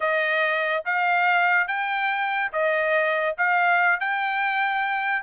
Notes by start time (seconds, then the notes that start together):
0.00 D#5
0.85 F5
1.67 G5
2.52 D#5
3.37 F5
4.00 G5